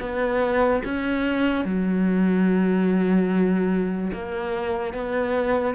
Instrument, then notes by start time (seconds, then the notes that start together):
cello
0.00 B3
0.84 C#4
1.65 F#3
4.13 A#3
4.94 B3